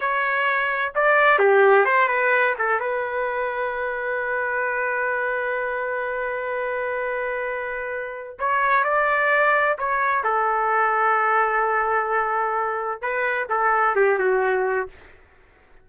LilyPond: \new Staff \with { instrumentName = "trumpet" } { \time 4/4 \tempo 4 = 129 cis''2 d''4 g'4 | c''8 b'4 a'8 b'2~ | b'1~ | b'1~ |
b'2 cis''4 d''4~ | d''4 cis''4 a'2~ | a'1 | b'4 a'4 g'8 fis'4. | }